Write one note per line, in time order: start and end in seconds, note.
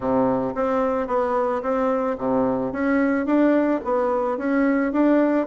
0.00 0.54 C3
0.54 1.07 C4
1.07 1.61 B3
1.62 2.16 C4
2.17 2.72 C3
2.72 3.26 C#4
3.26 3.80 D4
3.84 4.37 B3
4.37 4.92 C#4
4.92 5.46 D4